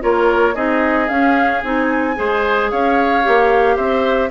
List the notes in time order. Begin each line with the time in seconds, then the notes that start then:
0.00 A#3 F4 A#4 C#5
0.54 C4 D#4 G#4 D#5
1.08 C#4 F5
1.63 C4 D#4 G#5
2.15 G#3 G#4 C5
2.71 C#4 C#5 F5
3.22 A#3 G4
3.76 C4 C5 E5